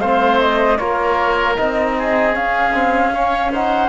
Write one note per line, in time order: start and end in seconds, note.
0.00 0.79 A3
0.00 0.79 C4
0.00 0.78 C5
0.00 0.39 F5
0.39 0.77 D#5
0.77 1.58 A#3
0.77 1.56 F4
0.77 1.96 A#4
0.77 1.55 C#5
1.56 2.36 C4
1.56 2.32 D#4
1.56 2.35 D#5
1.98 3.14 G#4
2.32 2.71 C#4
2.32 3.89 C#4
2.32 3.52 F5
2.74 3.12 C4
3.12 3.51 C#4
3.12 3.52 C#5
3.52 3.89 D#4
3.52 3.89 C5
3.52 3.89 F#5